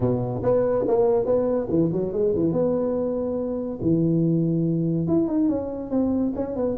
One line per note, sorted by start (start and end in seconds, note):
0.00 0.42 B2
0.42 0.85 B3
0.87 1.25 A#3
1.25 1.67 B3
1.69 1.91 E3
1.92 2.12 F#3
2.12 2.34 G#3
2.35 2.52 E3
2.52 3.79 B3
3.81 5.07 E3
5.07 5.28 E4
5.28 5.49 D#4
5.49 5.90 C#4
5.90 6.32 C4
6.35 6.56 C#4
6.56 6.77 B3